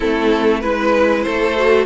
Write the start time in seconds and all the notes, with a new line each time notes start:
0.00 A3 C4 E4 A4
0.60 G#3 E4 B4
1.22 A3 A4 C5
1.56 F#4